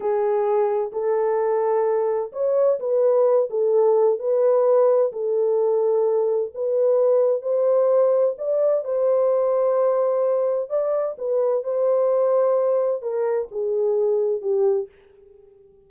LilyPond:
\new Staff \with { instrumentName = "horn" } { \time 4/4 \tempo 4 = 129 gis'2 a'2~ | a'4 cis''4 b'4. a'8~ | a'4 b'2 a'4~ | a'2 b'2 |
c''2 d''4 c''4~ | c''2. d''4 | b'4 c''2. | ais'4 gis'2 g'4 | }